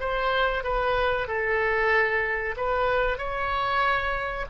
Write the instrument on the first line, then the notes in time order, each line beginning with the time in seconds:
oboe
0.00 C5
0.64 B4
1.28 A4
2.57 B4
3.18 C#5